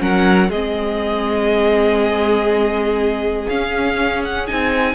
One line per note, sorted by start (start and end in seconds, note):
0.00 0.49 F#3
0.00 0.50 C#4
0.00 0.49 A#4
0.00 0.51 F#5
0.49 3.47 G#3
0.49 3.50 C4
0.49 4.94 G#4
0.49 3.48 D#5
3.48 4.49 C#4
3.48 4.47 C#4
3.48 4.23 F5
4.24 4.47 F#5
4.47 4.94 C4
4.47 4.94 D#4
4.47 4.94 G#5